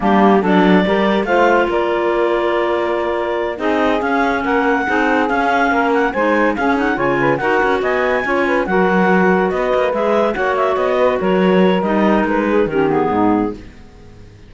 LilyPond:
<<
  \new Staff \with { instrumentName = "clarinet" } { \time 4/4 \tempo 4 = 142 g'4 d''2 f''4 | d''1~ | d''8 dis''4 f''4 fis''4.~ | fis''8 f''4. fis''8 gis''4 f''8 |
fis''8 gis''4 fis''4 gis''4.~ | gis''8 fis''2 dis''4 e''8~ | e''8 fis''8 e''8 dis''4 cis''4. | dis''4 b'4 ais'8 gis'4. | }
  \new Staff \with { instrumentName = "saxophone" } { \time 4/4 d'4 a'4 ais'4 c''4 | ais'1~ | ais'8 gis'2 ais'4 gis'8~ | gis'4. ais'4 c''4 gis'8~ |
gis'8 cis''8 b'8 ais'4 dis''4 cis''8 | b'8 ais'2 b'4.~ | b'8 cis''4. b'8 ais'4.~ | ais'4. gis'8 g'4 dis'4 | }
  \new Staff \with { instrumentName = "clarinet" } { \time 4/4 ais4 d'4 g'4 f'4~ | f'1~ | f'8 dis'4 cis'2 dis'8~ | dis'8 cis'2 dis'4 cis'8 |
dis'8 f'4 fis'2 f'8~ | f'8 fis'2. gis'8~ | gis'8 fis'2.~ fis'8 | dis'2 cis'8 b4. | }
  \new Staff \with { instrumentName = "cello" } { \time 4/4 g4 fis4 g4 a4 | ais1~ | ais8 c'4 cis'4 ais4 c'8~ | c'8 cis'4 ais4 gis4 cis'8~ |
cis'8 cis4 dis'8 cis'8 b4 cis'8~ | cis'8 fis2 b8 ais8 gis8~ | gis8 ais4 b4 fis4. | g4 gis4 dis4 gis,4 | }
>>